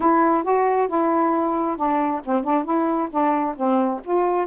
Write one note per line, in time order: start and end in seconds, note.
0.00 0.43 E4
0.43 0.87 F#4
0.87 1.76 E4
1.76 2.21 D4
2.24 2.43 C4
2.43 2.64 D4
2.64 3.08 E4
3.11 3.55 D4
3.56 4.00 C4
4.04 4.46 F4